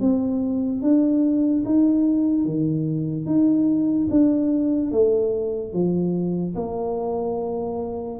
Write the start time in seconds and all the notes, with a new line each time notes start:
0.00 C4
0.81 D4
1.65 D#4
2.45 D#3
3.26 D#4
4.10 D4
4.91 A3
5.73 F3
6.55 A#3